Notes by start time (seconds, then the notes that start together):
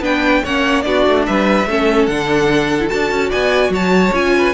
0.00 B3 D4 B4 G5
0.44 A#3 C#4 C#5 F#5
0.82 B3 D4 F#4 D5
1.07 A3
1.26 G3 B4 E5
1.66 A3 C#4 A4
2.06 D3 D4 F#5
2.80 E4
2.87 F#4 A5
2.93 D4
3.11 C#4
3.29 B3 D5 G#5
3.69 F#3 C#5 A5
4.12 C#4 F4 G#5
4.38 B4